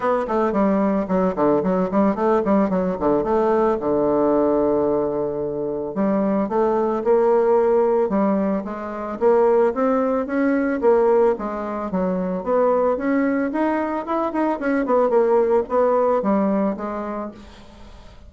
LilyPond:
\new Staff \with { instrumentName = "bassoon" } { \time 4/4 \tempo 4 = 111 b8 a8 g4 fis8 d8 fis8 g8 | a8 g8 fis8 d8 a4 d4~ | d2. g4 | a4 ais2 g4 |
gis4 ais4 c'4 cis'4 | ais4 gis4 fis4 b4 | cis'4 dis'4 e'8 dis'8 cis'8 b8 | ais4 b4 g4 gis4 | }